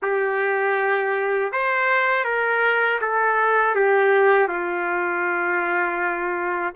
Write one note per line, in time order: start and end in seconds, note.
0.02 1.52 G4
1.52 2.24 C5
2.24 2.99 A#4
3.01 3.75 A4
3.75 4.48 G4
4.48 6.73 F4